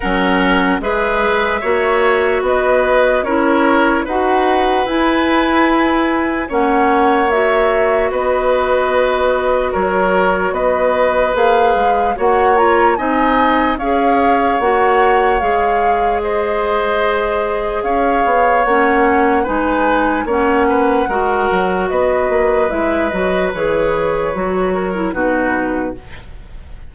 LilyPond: <<
  \new Staff \with { instrumentName = "flute" } { \time 4/4 \tempo 4 = 74 fis''4 e''2 dis''4 | cis''4 fis''4 gis''2 | fis''4 e''4 dis''2 | cis''4 dis''4 f''4 fis''8 ais''8 |
gis''4 f''4 fis''4 f''4 | dis''2 f''4 fis''4 | gis''4 fis''2 dis''4 | e''8 dis''8 cis''2 b'4 | }
  \new Staff \with { instrumentName = "oboe" } { \time 4/4 ais'4 b'4 cis''4 b'4 | ais'4 b'2. | cis''2 b'2 | ais'4 b'2 cis''4 |
dis''4 cis''2. | c''2 cis''2 | b'4 cis''8 b'8 ais'4 b'4~ | b'2~ b'8 ais'8 fis'4 | }
  \new Staff \with { instrumentName = "clarinet" } { \time 4/4 cis'4 gis'4 fis'2 | e'4 fis'4 e'2 | cis'4 fis'2.~ | fis'2 gis'4 fis'8 f'8 |
dis'4 gis'4 fis'4 gis'4~ | gis'2. cis'4 | dis'4 cis'4 fis'2 | e'8 fis'8 gis'4 fis'8. e'16 dis'4 | }
  \new Staff \with { instrumentName = "bassoon" } { \time 4/4 fis4 gis4 ais4 b4 | cis'4 dis'4 e'2 | ais2 b2 | fis4 b4 ais8 gis8 ais4 |
c'4 cis'4 ais4 gis4~ | gis2 cis'8 b8 ais4 | gis4 ais4 gis8 fis8 b8 ais8 | gis8 fis8 e4 fis4 b,4 | }
>>